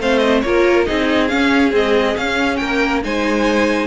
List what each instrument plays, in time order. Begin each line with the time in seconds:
0.00 cello A3, viola C4, violin C5 F5
0.19 violin D#5
0.42 cello A#3, viola F4, violin A#4 C#5
0.85 cello C4, viola D#4, violin G#4 D#5
1.28 viola C#4, cello C#4, violin F5
1.72 viola G#3, cello C4, violin D#5
2.17 cello C#4, viola C#4, violin F5
2.57 cello A#3, violin A#4 G5
3.03 cello G#3, viola D#4, violin C5 G#5